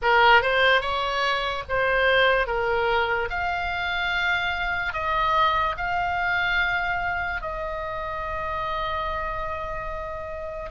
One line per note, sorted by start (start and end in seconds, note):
0.02 0.41 A#4
0.41 0.81 C5
0.81 1.63 C#5
1.68 2.46 C5
2.46 3.28 A#4
3.30 4.93 F5
4.93 5.75 D#5
5.77 7.41 F5
7.41 10.70 D#5